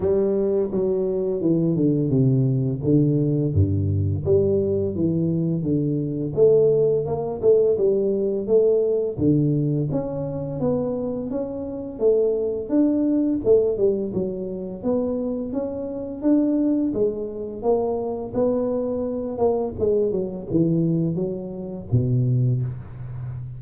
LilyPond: \new Staff \with { instrumentName = "tuba" } { \time 4/4 \tempo 4 = 85 g4 fis4 e8 d8 c4 | d4 g,4 g4 e4 | d4 a4 ais8 a8 g4 | a4 d4 cis'4 b4 |
cis'4 a4 d'4 a8 g8 | fis4 b4 cis'4 d'4 | gis4 ais4 b4. ais8 | gis8 fis8 e4 fis4 b,4 | }